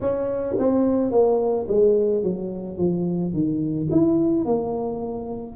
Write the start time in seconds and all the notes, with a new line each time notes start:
0.00 C#4
0.58 C4
1.11 A#3
1.68 G#3
2.23 F#3
2.77 F3
3.33 D#3
3.91 E4
4.45 A#3